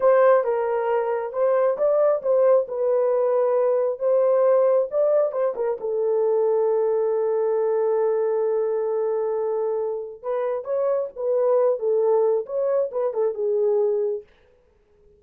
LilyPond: \new Staff \with { instrumentName = "horn" } { \time 4/4 \tempo 4 = 135 c''4 ais'2 c''4 | d''4 c''4 b'2~ | b'4 c''2 d''4 | c''8 ais'8 a'2.~ |
a'1~ | a'2. b'4 | cis''4 b'4. a'4. | cis''4 b'8 a'8 gis'2 | }